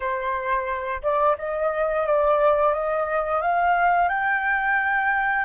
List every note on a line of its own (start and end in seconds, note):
0.00 1.02 C5
1.02 1.36 D5
1.38 2.06 D#5
2.06 2.73 D5
2.73 3.41 D#5
3.41 4.08 F5
4.08 5.45 G5